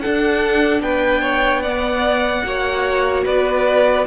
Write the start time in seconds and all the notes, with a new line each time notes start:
0.00 D4 A4 F#5
0.80 B3 B4 G5
1.21 C#5
1.62 B3 D5 F#5
2.44 A#3 F#4 C#5
3.24 B3 B4 D5